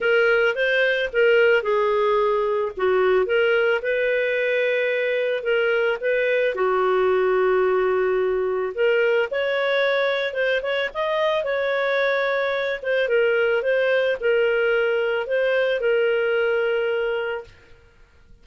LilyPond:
\new Staff \with { instrumentName = "clarinet" } { \time 4/4 \tempo 4 = 110 ais'4 c''4 ais'4 gis'4~ | gis'4 fis'4 ais'4 b'4~ | b'2 ais'4 b'4 | fis'1 |
ais'4 cis''2 c''8 cis''8 | dis''4 cis''2~ cis''8 c''8 | ais'4 c''4 ais'2 | c''4 ais'2. | }